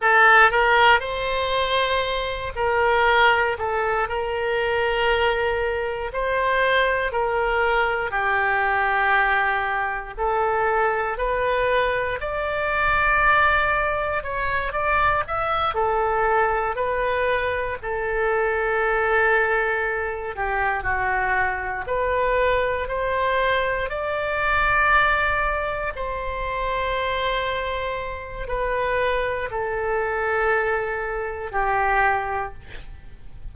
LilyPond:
\new Staff \with { instrumentName = "oboe" } { \time 4/4 \tempo 4 = 59 a'8 ais'8 c''4. ais'4 a'8 | ais'2 c''4 ais'4 | g'2 a'4 b'4 | d''2 cis''8 d''8 e''8 a'8~ |
a'8 b'4 a'2~ a'8 | g'8 fis'4 b'4 c''4 d''8~ | d''4. c''2~ c''8 | b'4 a'2 g'4 | }